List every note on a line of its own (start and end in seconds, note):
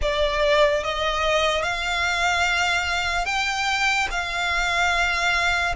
0.01 0.83 D5
0.83 1.62 D#5
1.62 3.25 F5
3.25 4.07 G5
4.10 5.75 F5